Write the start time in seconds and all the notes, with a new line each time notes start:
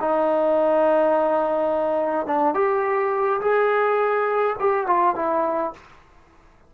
0.00 D#4
2.26 D4
2.54 G4
3.41 G#4
4.59 G4
4.86 F4
5.15 E4